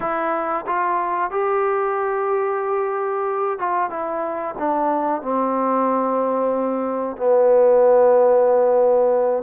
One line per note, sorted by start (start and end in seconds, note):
0.00 0.65 E4
0.66 1.30 F4
1.30 3.59 G4
3.59 3.90 F4
3.90 4.55 E4
4.58 5.22 D4
5.22 7.17 C4
7.17 9.43 B3